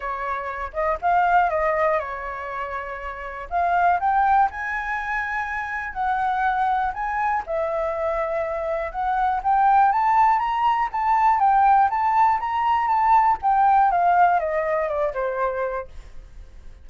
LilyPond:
\new Staff \with { instrumentName = "flute" } { \time 4/4 \tempo 4 = 121 cis''4. dis''8 f''4 dis''4 | cis''2. f''4 | g''4 gis''2. | fis''2 gis''4 e''4~ |
e''2 fis''4 g''4 | a''4 ais''4 a''4 g''4 | a''4 ais''4 a''4 g''4 | f''4 dis''4 d''8 c''4. | }